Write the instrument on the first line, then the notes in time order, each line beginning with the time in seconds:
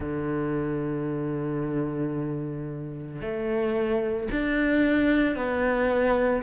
cello
0.00 D3
3.21 A3
4.31 D4
5.35 B3